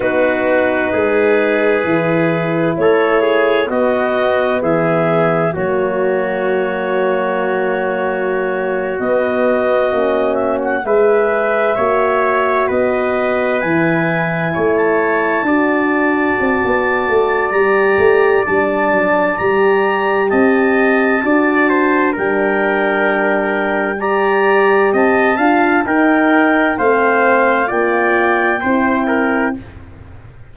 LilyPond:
<<
  \new Staff \with { instrumentName = "clarinet" } { \time 4/4 \tempo 4 = 65 b'2. cis''4 | dis''4 e''4 cis''2~ | cis''4.~ cis''16 dis''4. e''16 fis''16 e''16~ | e''4.~ e''16 dis''4 gis''4~ gis''16 |
a''2. ais''4 | a''4 ais''4 a''2 | g''2 ais''4 a''4 | g''4 f''4 g''2 | }
  \new Staff \with { instrumentName = "trumpet" } { \time 4/4 fis'4 gis'2 a'8 gis'8 | fis'4 gis'4 fis'2~ | fis'2.~ fis'8. b'16~ | b'8. cis''4 b'2 cis''16~ |
cis''8. d''2.~ d''16~ | d''2 dis''4 d''8 c''8 | ais'2 d''4 dis''8 f''8 | ais'4 c''4 d''4 c''8 ais'8 | }
  \new Staff \with { instrumentName = "horn" } { \time 4/4 dis'2 e'2 | b2 ais2~ | ais4.~ ais16 b4 cis'4 gis'16~ | gis'8. fis'2 e'4~ e'16~ |
e'8. fis'2~ fis'16 g'4 | d'4 g'2 fis'4 | d'2 g'4. f'8 | dis'4 c'4 f'4 e'4 | }
  \new Staff \with { instrumentName = "tuba" } { \time 4/4 b4 gis4 e4 a4 | b4 e4 fis2~ | fis4.~ fis16 b4 ais4 gis16~ | gis8. ais4 b4 e4 a16~ |
a8. d'4 c'16 b8 a8 g8 a8 | g8 fis8 g4 c'4 d'4 | g2. c'8 d'8 | dis'4 a4 ais4 c'4 | }
>>